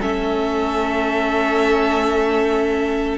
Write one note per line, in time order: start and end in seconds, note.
0.00 3.17 A3
0.00 3.17 C#4
0.00 3.17 A4
0.00 3.17 E5